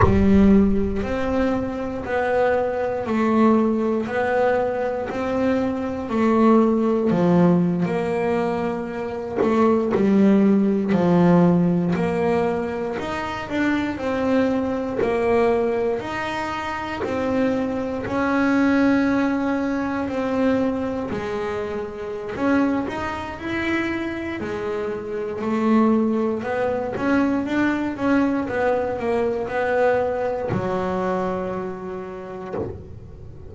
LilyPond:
\new Staff \with { instrumentName = "double bass" } { \time 4/4 \tempo 4 = 59 g4 c'4 b4 a4 | b4 c'4 a4 f8. ais16~ | ais4~ ais16 a8 g4 f4 ais16~ | ais8. dis'8 d'8 c'4 ais4 dis'16~ |
dis'8. c'4 cis'2 c'16~ | c'8. gis4~ gis16 cis'8 dis'8 e'4 | gis4 a4 b8 cis'8 d'8 cis'8 | b8 ais8 b4 fis2 | }